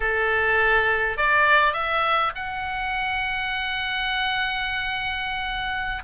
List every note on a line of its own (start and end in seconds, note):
0.00 1.17 A4
1.17 1.73 D5
1.73 2.32 E5
2.35 6.03 F#5